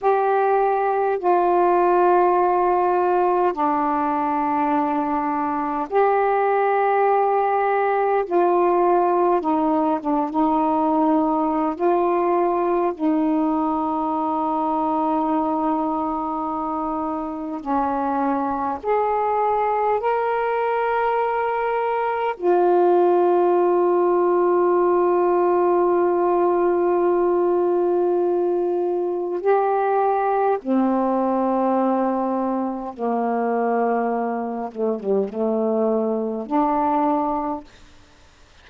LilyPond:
\new Staff \with { instrumentName = "saxophone" } { \time 4/4 \tempo 4 = 51 g'4 f'2 d'4~ | d'4 g'2 f'4 | dis'8 d'16 dis'4~ dis'16 f'4 dis'4~ | dis'2. cis'4 |
gis'4 ais'2 f'4~ | f'1~ | f'4 g'4 c'2 | ais4. a16 g16 a4 d'4 | }